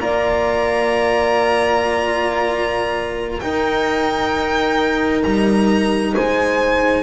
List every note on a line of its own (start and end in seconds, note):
0.00 3.41 A#3
0.00 3.41 F4
0.00 3.43 D5
0.00 3.40 A#5
3.40 5.23 D#4
3.40 7.03 D#4
3.40 6.13 A#4
3.40 5.22 G5
5.23 6.15 G3
5.23 6.14 A#5
6.13 7.03 G#3
6.13 7.03 C5
6.13 7.03 G#5